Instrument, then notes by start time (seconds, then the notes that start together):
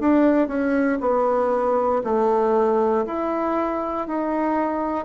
bassoon
0.00 D4
0.48 C#4
1.01 B3
2.04 A3
3.06 E4
4.08 D#4